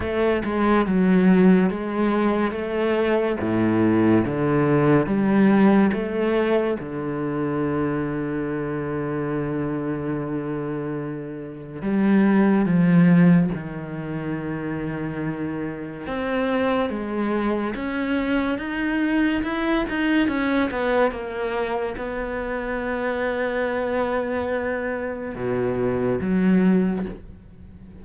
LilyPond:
\new Staff \with { instrumentName = "cello" } { \time 4/4 \tempo 4 = 71 a8 gis8 fis4 gis4 a4 | a,4 d4 g4 a4 | d1~ | d2 g4 f4 |
dis2. c'4 | gis4 cis'4 dis'4 e'8 dis'8 | cis'8 b8 ais4 b2~ | b2 b,4 fis4 | }